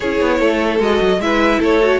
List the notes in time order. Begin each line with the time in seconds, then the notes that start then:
0.00 C#4 E4 G#4 C#5
0.20 B3
0.39 A3 A4
0.79 G#3 F#4 D#5
1.00 F#3
1.18 G#3 E4 B4 E5
1.59 A3 A4 C#5
1.81 F#4